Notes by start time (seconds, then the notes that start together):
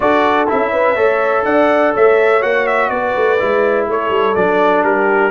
0.00 D4 F#4 A4 D5
0.47 C#4 E4 E5
0.72 B4
0.95 A3 A4 C#5
1.44 D4 D5 F#5
1.94 A3 C#5 E5
2.41 A#3 F#4 F#5
2.66 E5
2.89 B3 B4 D5
3.16 A3
3.38 G#3 E4
3.88 A3 A4 C#5
4.09 G3
4.35 F#3 D4 D5
4.83 G3 G4 A#4